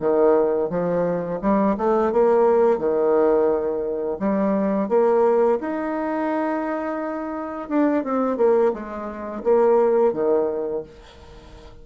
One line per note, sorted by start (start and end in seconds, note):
0.00 0.70 D#3
0.70 1.40 F3
1.41 1.76 G3
1.77 2.12 A3
2.12 2.78 A#3
2.78 4.18 D#3
4.19 4.88 G3
4.88 5.58 A#3
5.60 7.69 D#4
7.69 8.04 D4
8.04 8.37 C4
8.37 8.72 A#3
8.73 9.43 G#3
9.43 10.13 A#3
10.13 10.83 D#3